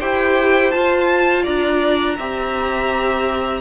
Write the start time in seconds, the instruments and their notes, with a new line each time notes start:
0.00 cello E4, viola G4, violin C5 G5
0.72 viola F4, cello F4, violin A5
1.44 cello D4, violin D5 A#5
2.17 cello C4, viola G4, violin E5